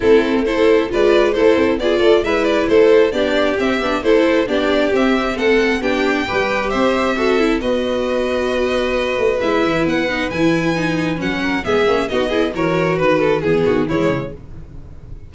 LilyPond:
<<
  \new Staff \with { instrumentName = "violin" } { \time 4/4 \tempo 4 = 134 a'4 c''4 d''4 c''4 | d''4 e''8 d''8 c''4 d''4 | e''4 c''4 d''4 e''4 | fis''4 g''2 e''4~ |
e''4 dis''2.~ | dis''4 e''4 fis''4 gis''4~ | gis''4 fis''4 e''4 dis''4 | cis''4 b'4 gis'4 cis''4 | }
  \new Staff \with { instrumentName = "violin" } { \time 4/4 e'4 a'4 b'4 a'4 | gis'8 a'8 b'4 a'4 g'4~ | g'4 a'4 g'2 | a'4 g'4 b'4 c''4 |
a'4 b'2.~ | b'1~ | b'4. ais'8 gis'4 fis'8 gis'8 | ais'4 b'8 a'8 gis'8 fis'8 e'4 | }
  \new Staff \with { instrumentName = "viola" } { \time 4/4 c'4 e'4 f'4 e'4 | f'4 e'2 d'4 | c'8 d'8 e'4 d'4 c'4~ | c'4 d'4 g'2 |
fis'8 e'8 fis'2.~ | fis'4 e'4. dis'8 e'4 | dis'4 cis'4 b8 cis'8 dis'8 e'8 | fis'2 b4 gis4 | }
  \new Staff \with { instrumentName = "tuba" } { \time 4/4 a2 gis4 a8 c'8 | b8 a8 gis4 a4 b4 | c'8 b8 a4 b4 c'4 | a4 b4 g4 c'4~ |
c'4 b2.~ | b8 a8 gis8 e8 b4 e4~ | e4 fis4 gis8 ais8 b4 | e4 dis4 e8 dis8 e8 cis8 | }
>>